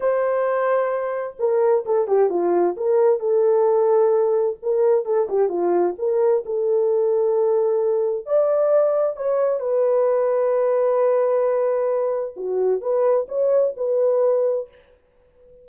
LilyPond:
\new Staff \with { instrumentName = "horn" } { \time 4/4 \tempo 4 = 131 c''2. ais'4 | a'8 g'8 f'4 ais'4 a'4~ | a'2 ais'4 a'8 g'8 | f'4 ais'4 a'2~ |
a'2 d''2 | cis''4 b'2.~ | b'2. fis'4 | b'4 cis''4 b'2 | }